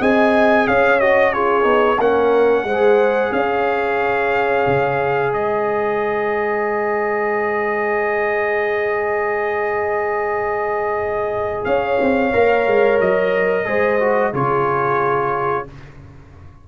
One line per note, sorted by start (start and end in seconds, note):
0.00 0.67 C4
0.00 1.01 G#4
0.00 0.67 D#5
0.00 0.68 G#5
0.68 1.65 C#4
0.68 1.34 C#5
0.68 1.00 F5
1.00 1.34 F#4
1.00 1.33 D#5
1.33 1.63 F4
1.33 1.98 G#4
1.33 2.00 C#5
1.63 1.99 B3
1.63 1.97 D#4
1.98 2.64 A#3
1.98 2.68 C#4
1.98 2.65 A#4
1.98 3.33 F#5
2.64 3.31 G#3
2.64 12.33 G#4
2.64 3.34 C5
3.32 4.66 C#4
3.32 5.33 C#5
3.32 5.33 F5
4.67 5.33 C#3
5.33 11.66 G#3
5.33 11.66 C5
5.33 11.65 D#5
11.65 12.00 C#4
11.65 13.66 C#5
11.65 12.99 F5
12.01 12.34 C4
12.33 12.68 A#3
12.33 13.66 A#4
12.68 13.01 G#3
13.01 13.67 F#3
13.01 14.35 D#5
13.66 14.33 G#3
13.66 13.99 G#4
13.66 14.33 C5
14.00 14.33 F#4
14.33 15.67 C#3
14.33 15.67 F4
14.33 15.66 G#4
14.33 15.68 C#5